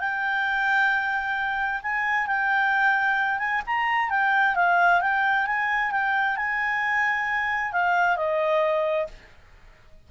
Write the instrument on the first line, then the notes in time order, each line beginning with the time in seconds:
clarinet
0.00 G5
1.83 G#5
2.27 G5
3.39 G#5
3.67 A#5
4.10 G5
4.56 F5
5.01 G5
5.47 G#5
5.92 G5
6.37 G#5
7.73 F5
8.17 D#5